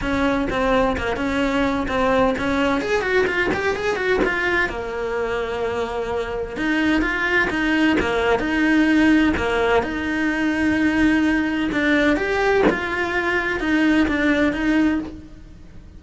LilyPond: \new Staff \with { instrumentName = "cello" } { \time 4/4 \tempo 4 = 128 cis'4 c'4 ais8 cis'4. | c'4 cis'4 gis'8 fis'8 f'8 g'8 | gis'8 fis'8 f'4 ais2~ | ais2 dis'4 f'4 |
dis'4 ais4 dis'2 | ais4 dis'2.~ | dis'4 d'4 g'4 f'4~ | f'4 dis'4 d'4 dis'4 | }